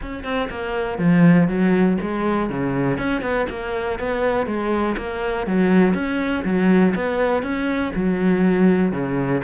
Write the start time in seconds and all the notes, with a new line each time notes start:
0.02 C#4
0.23 C4
0.50 A#3
0.98 F3
1.47 F#3
2.01 G#3
2.49 C#3
2.98 C#4
3.21 B3
3.49 A#3
3.99 B3
4.46 G#3
4.97 A#3
5.46 F#3
5.94 C#4
6.44 F#3
6.95 B3
7.42 C#4
7.95 F#3
8.91 C#3